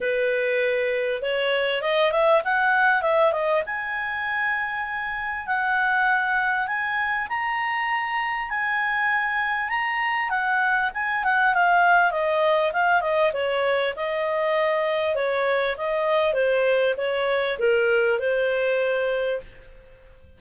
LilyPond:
\new Staff \with { instrumentName = "clarinet" } { \time 4/4 \tempo 4 = 99 b'2 cis''4 dis''8 e''8 | fis''4 e''8 dis''8 gis''2~ | gis''4 fis''2 gis''4 | ais''2 gis''2 |
ais''4 fis''4 gis''8 fis''8 f''4 | dis''4 f''8 dis''8 cis''4 dis''4~ | dis''4 cis''4 dis''4 c''4 | cis''4 ais'4 c''2 | }